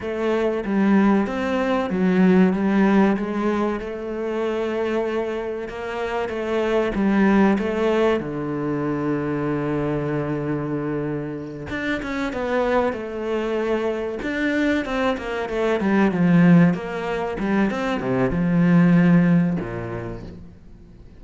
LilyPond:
\new Staff \with { instrumentName = "cello" } { \time 4/4 \tempo 4 = 95 a4 g4 c'4 fis4 | g4 gis4 a2~ | a4 ais4 a4 g4 | a4 d2.~ |
d2~ d8 d'8 cis'8 b8~ | b8 a2 d'4 c'8 | ais8 a8 g8 f4 ais4 g8 | c'8 c8 f2 ais,4 | }